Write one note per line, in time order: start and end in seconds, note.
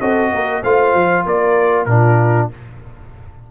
0.00 0.32 C4
0.00 0.63 F#4
0.00 0.31 A4
0.00 0.63 D#5
0.32 0.63 A#3
0.32 0.62 A#4
0.62 0.94 A3
0.62 1.88 F4
0.62 1.24 C5
0.62 1.26 F5
0.94 1.25 F3
1.26 1.86 A#3
1.26 1.88 A#4
1.26 1.85 D5
1.85 2.48 A#2
1.85 2.51 D4
1.85 2.50 F4
1.85 2.47 A#4